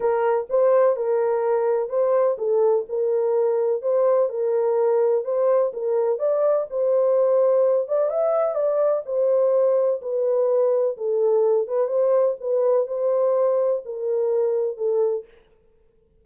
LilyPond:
\new Staff \with { instrumentName = "horn" } { \time 4/4 \tempo 4 = 126 ais'4 c''4 ais'2 | c''4 a'4 ais'2 | c''4 ais'2 c''4 | ais'4 d''4 c''2~ |
c''8 d''8 e''4 d''4 c''4~ | c''4 b'2 a'4~ | a'8 b'8 c''4 b'4 c''4~ | c''4 ais'2 a'4 | }